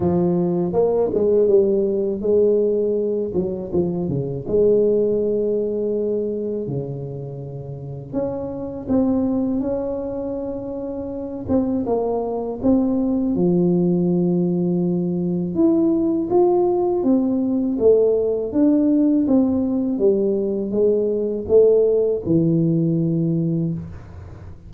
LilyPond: \new Staff \with { instrumentName = "tuba" } { \time 4/4 \tempo 4 = 81 f4 ais8 gis8 g4 gis4~ | gis8 fis8 f8 cis8 gis2~ | gis4 cis2 cis'4 | c'4 cis'2~ cis'8 c'8 |
ais4 c'4 f2~ | f4 e'4 f'4 c'4 | a4 d'4 c'4 g4 | gis4 a4 e2 | }